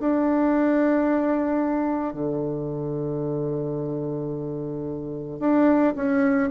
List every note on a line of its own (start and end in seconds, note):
0.00 2.13 D4
2.13 5.39 D3
5.39 5.94 D4
5.95 6.50 C#4